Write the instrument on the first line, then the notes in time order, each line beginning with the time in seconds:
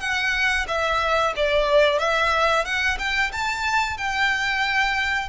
violin
0.00 F#5
0.67 E5
1.35 D5
1.99 E5
2.64 F#5
2.98 G5
3.32 A5
3.97 G5